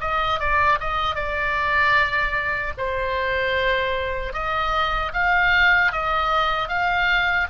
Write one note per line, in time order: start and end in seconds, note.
0.00 0.39 D#5
0.39 0.79 D5
0.80 1.15 D#5
1.15 2.73 D5
2.77 4.33 C5
4.33 5.12 D#5
5.13 5.92 F5
5.92 6.68 D#5
6.68 7.47 F5